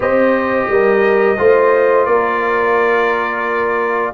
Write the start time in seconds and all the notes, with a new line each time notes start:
0.00 C4 G4 C5 D#5
0.68 G3 A#4
1.37 A3 F4 C5
2.05 A#3 A#4 D5